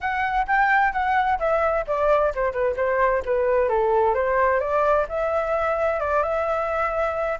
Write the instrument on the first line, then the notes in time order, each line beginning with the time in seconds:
flute
0.00 F#5
0.47 G5
0.92 F#5
1.39 E5
1.87 D5
2.35 C5
2.52 B4
2.76 C5
3.25 B4
3.68 A4
4.14 C5
4.59 D5
5.09 E5
6.00 D5
6.23 E5